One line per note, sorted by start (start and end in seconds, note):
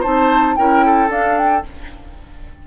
0.00 0.58 C4
0.00 0.57 D#4
0.00 0.54 C5
0.00 0.56 A5
0.56 1.09 C#4
0.56 1.08 E4
0.56 0.85 A#4
0.56 1.10 G5
0.85 1.67 A4
1.08 1.62 D4
1.08 1.63 D4
1.08 1.38 F5
1.38 1.65 G5